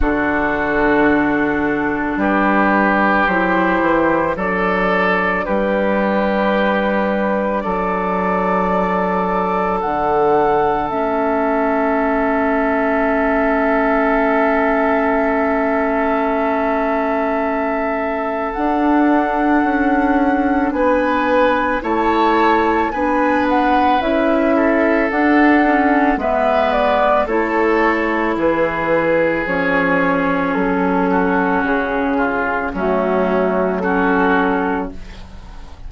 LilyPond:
<<
  \new Staff \with { instrumentName = "flute" } { \time 4/4 \tempo 4 = 55 a'2 b'4 c''4 | d''4 b'2 d''4~ | d''4 fis''4 e''2~ | e''1~ |
e''4 fis''2 gis''4 | a''4 gis''8 fis''8 e''4 fis''4 | e''8 d''8 cis''4 b'4 cis''4 | a'4 gis'4 fis'4 a'4 | }
  \new Staff \with { instrumentName = "oboe" } { \time 4/4 fis'2 g'2 | a'4 g'2 a'4~ | a'1~ | a'1~ |
a'2. b'4 | cis''4 b'4. a'4. | b'4 a'4 gis'2~ | gis'8 fis'4 f'8 cis'4 fis'4 | }
  \new Staff \with { instrumentName = "clarinet" } { \time 4/4 d'2. e'4 | d'1~ | d'2 cis'2~ | cis'1~ |
cis'4 d'2. | e'4 d'4 e'4 d'8 cis'8 | b4 e'2 cis'4~ | cis'2 a4 cis'4 | }
  \new Staff \with { instrumentName = "bassoon" } { \time 4/4 d2 g4 fis8 e8 | fis4 g2 fis4~ | fis4 d4 a2~ | a1~ |
a4 d'4 cis'4 b4 | a4 b4 cis'4 d'4 | gis4 a4 e4 f4 | fis4 cis4 fis2 | }
>>